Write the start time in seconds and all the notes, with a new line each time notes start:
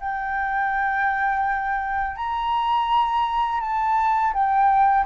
0.00 G5
2.16 A#5
3.61 A5
4.33 G5